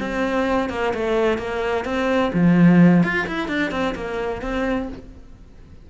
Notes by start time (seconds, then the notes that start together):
0.00 C4
0.70 A#3
0.94 A3
1.38 A#3
1.85 C4
2.34 F3
3.03 F4
3.27 E4
3.48 D4
3.71 C4
3.95 A#3
4.41 C4